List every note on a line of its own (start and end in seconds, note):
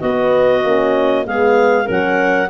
0.00 0.64 B3
0.00 1.25 F#4
0.00 1.26 D#5
0.64 1.27 A#3
0.64 1.26 C#4
1.27 1.90 G#3
1.27 1.85 B3
1.27 1.85 G#4
1.27 1.89 F5
1.85 2.50 F#3
1.85 2.48 C#4
1.85 2.48 A#4
1.92 2.50 F#5